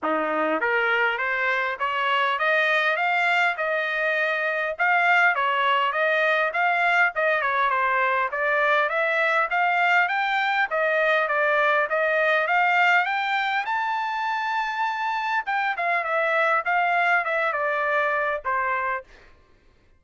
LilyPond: \new Staff \with { instrumentName = "trumpet" } { \time 4/4 \tempo 4 = 101 dis'4 ais'4 c''4 cis''4 | dis''4 f''4 dis''2 | f''4 cis''4 dis''4 f''4 | dis''8 cis''8 c''4 d''4 e''4 |
f''4 g''4 dis''4 d''4 | dis''4 f''4 g''4 a''4~ | a''2 g''8 f''8 e''4 | f''4 e''8 d''4. c''4 | }